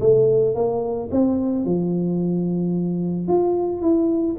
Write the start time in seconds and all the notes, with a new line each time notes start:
0.00 A3
0.55 A#3
1.11 C4
1.65 F3
3.28 F4
3.82 E4